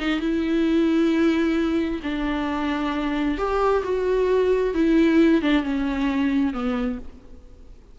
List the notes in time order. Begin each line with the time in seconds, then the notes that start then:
0.00 D#4
0.21 E4
2.03 D4
3.38 G4
3.84 F#4
4.75 E4
5.42 D4
5.64 C#4
6.54 B3